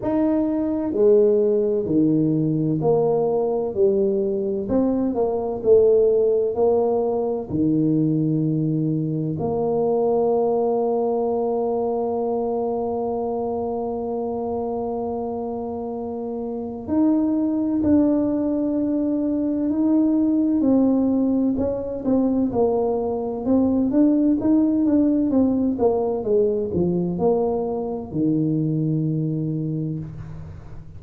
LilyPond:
\new Staff \with { instrumentName = "tuba" } { \time 4/4 \tempo 4 = 64 dis'4 gis4 dis4 ais4 | g4 c'8 ais8 a4 ais4 | dis2 ais2~ | ais1~ |
ais2 dis'4 d'4~ | d'4 dis'4 c'4 cis'8 c'8 | ais4 c'8 d'8 dis'8 d'8 c'8 ais8 | gis8 f8 ais4 dis2 | }